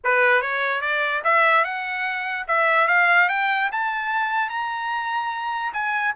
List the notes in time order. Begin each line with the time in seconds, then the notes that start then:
0.04 B4
0.41 C#5
0.81 D5
1.24 E5
1.64 F#5
2.47 E5
2.87 F5
3.28 G5
3.71 A5
4.49 A#5
5.73 G#5